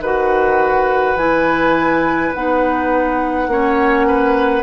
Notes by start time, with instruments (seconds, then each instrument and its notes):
0.00 bassoon D#3, clarinet F#4, oboe B4, flute F#5
1.16 bassoon E3, clarinet E4, flute G#5
2.34 bassoon B3, clarinet D#4, flute F#5
3.48 bassoon A#3, clarinet C#4, oboe C#5
4.07 oboe B4